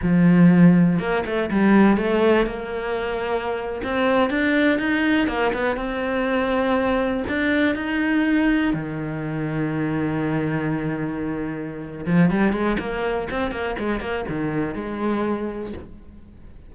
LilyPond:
\new Staff \with { instrumentName = "cello" } { \time 4/4 \tempo 4 = 122 f2 ais8 a8 g4 | a4 ais2~ ais8. c'16~ | c'8. d'4 dis'4 ais8 b8 c'16~ | c'2~ c'8. d'4 dis'16~ |
dis'4.~ dis'16 dis2~ dis16~ | dis1~ | dis8 f8 g8 gis8 ais4 c'8 ais8 | gis8 ais8 dis4 gis2 | }